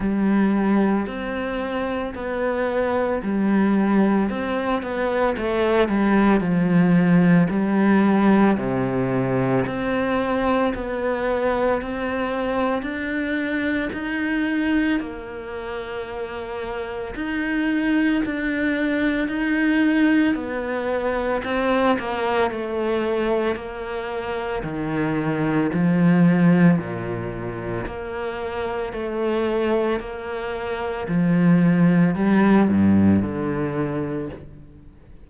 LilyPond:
\new Staff \with { instrumentName = "cello" } { \time 4/4 \tempo 4 = 56 g4 c'4 b4 g4 | c'8 b8 a8 g8 f4 g4 | c4 c'4 b4 c'4 | d'4 dis'4 ais2 |
dis'4 d'4 dis'4 b4 | c'8 ais8 a4 ais4 dis4 | f4 ais,4 ais4 a4 | ais4 f4 g8 g,8 d4 | }